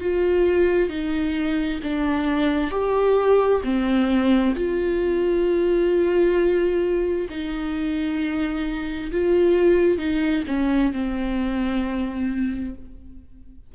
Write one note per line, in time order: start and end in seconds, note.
0.00 0.89 F4
0.89 1.80 D#4
1.83 2.71 D4
2.71 3.62 G4
3.64 4.55 C4
4.55 7.28 F4
7.29 9.11 D#4
9.11 9.98 F4
9.98 10.43 D#4
10.47 10.93 C#4
10.93 12.74 C4